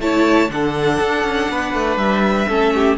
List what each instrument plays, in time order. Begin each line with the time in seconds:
0.00 cello A3, viola E4, violin C#5 A5
0.49 cello D3, viola D4, violin A4 F#5
1.00 cello D4
1.24 cello C#4
1.50 cello B3, violin B4
1.74 cello A3
1.97 cello G3, violin E5
2.48 cello A3, viola C#4, violin A4
2.75 violin G4